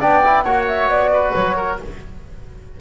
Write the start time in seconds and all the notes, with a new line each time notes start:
0.00 B3 D4 D5 G5
0.23 E4
0.42 A#3 F#4 C#5 F#5
0.67 E5
0.87 B3 D5
1.13 B4
1.34 F#3 C#5
1.56 A#4